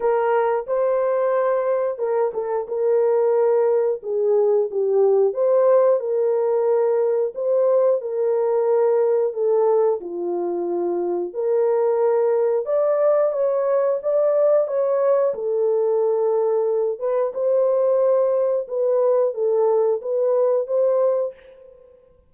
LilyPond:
\new Staff \with { instrumentName = "horn" } { \time 4/4 \tempo 4 = 90 ais'4 c''2 ais'8 a'8 | ais'2 gis'4 g'4 | c''4 ais'2 c''4 | ais'2 a'4 f'4~ |
f'4 ais'2 d''4 | cis''4 d''4 cis''4 a'4~ | a'4. b'8 c''2 | b'4 a'4 b'4 c''4 | }